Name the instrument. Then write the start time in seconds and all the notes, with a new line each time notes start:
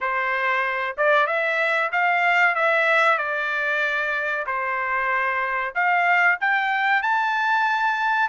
trumpet
0.00 C5
0.97 D5
1.26 E5
1.92 F5
2.55 E5
3.17 D5
4.46 C5
5.74 F5
6.40 G5
7.02 A5